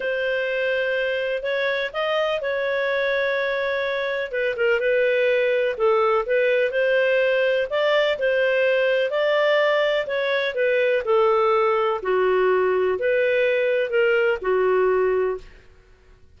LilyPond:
\new Staff \with { instrumentName = "clarinet" } { \time 4/4 \tempo 4 = 125 c''2. cis''4 | dis''4 cis''2.~ | cis''4 b'8 ais'8 b'2 | a'4 b'4 c''2 |
d''4 c''2 d''4~ | d''4 cis''4 b'4 a'4~ | a'4 fis'2 b'4~ | b'4 ais'4 fis'2 | }